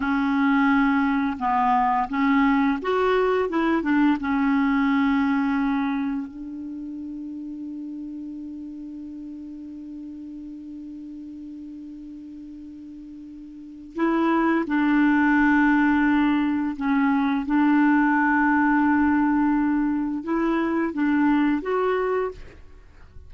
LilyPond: \new Staff \with { instrumentName = "clarinet" } { \time 4/4 \tempo 4 = 86 cis'2 b4 cis'4 | fis'4 e'8 d'8 cis'2~ | cis'4 d'2.~ | d'1~ |
d'1 | e'4 d'2. | cis'4 d'2.~ | d'4 e'4 d'4 fis'4 | }